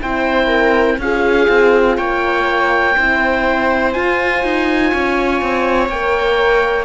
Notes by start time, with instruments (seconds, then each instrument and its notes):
0.00 cello C4, horn E4, viola C5, oboe G5
0.47 viola A#4
0.98 cello C#4, horn F4, viola G#4, oboe F5
1.49 cello C4
1.97 cello A#3, viola C#5, oboe G5
2.96 cello C4, horn E4, viola C5
3.92 horn F4, cello F4, oboe G#5
4.43 cello D#4
4.91 cello C#4, viola C#5
5.41 cello C4
5.89 cello A#3, horn A#4, oboe G5